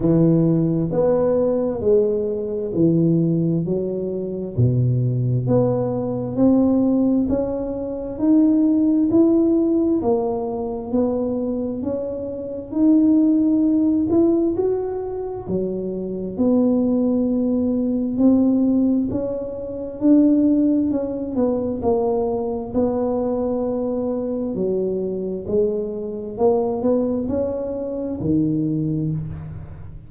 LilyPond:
\new Staff \with { instrumentName = "tuba" } { \time 4/4 \tempo 4 = 66 e4 b4 gis4 e4 | fis4 b,4 b4 c'4 | cis'4 dis'4 e'4 ais4 | b4 cis'4 dis'4. e'8 |
fis'4 fis4 b2 | c'4 cis'4 d'4 cis'8 b8 | ais4 b2 fis4 | gis4 ais8 b8 cis'4 dis4 | }